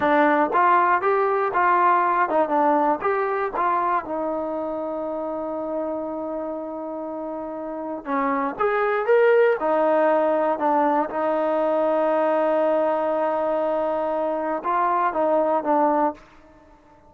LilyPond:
\new Staff \with { instrumentName = "trombone" } { \time 4/4 \tempo 4 = 119 d'4 f'4 g'4 f'4~ | f'8 dis'8 d'4 g'4 f'4 | dis'1~ | dis'1 |
cis'4 gis'4 ais'4 dis'4~ | dis'4 d'4 dis'2~ | dis'1~ | dis'4 f'4 dis'4 d'4 | }